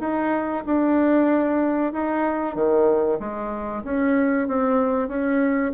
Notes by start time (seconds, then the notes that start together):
0.00 D#4
0.66 D4
1.93 D#4
2.55 D#3
3.19 G#3
3.84 C#4
4.48 C4
5.08 C#4